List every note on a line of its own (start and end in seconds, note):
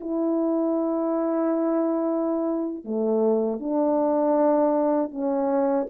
0.00 2.84 E4
2.84 3.59 A3
3.59 5.11 D4
5.11 5.87 C#4